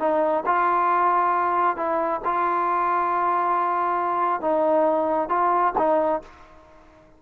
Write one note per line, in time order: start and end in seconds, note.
0.00 0.44 D#4
0.46 1.77 F4
1.77 2.21 E4
2.25 4.41 F4
4.41 5.30 D#4
5.30 5.74 F4
5.78 6.22 D#4